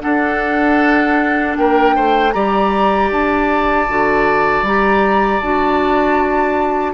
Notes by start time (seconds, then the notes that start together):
0.00 D4 A4 F#5
1.56 A#3 A#4 G5
1.96 A3 C5
2.32 G3 G4 D5 A#5
3.11 D4 A5
3.89 D3 F#4
4.62 G3 G4 A#5
5.40 D4 F#4 A5